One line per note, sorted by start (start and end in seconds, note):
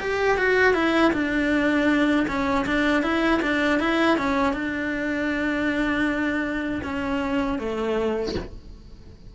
0.00 0.38 G4
0.38 0.74 F#4
0.74 1.12 E4
1.13 2.26 D4
2.28 2.65 C#4
2.66 3.03 D4
3.03 3.41 E4
3.42 3.79 D4
3.79 4.17 E4
4.18 4.53 C#4
4.53 6.81 D4
6.83 7.59 C#4
7.59 8.35 A3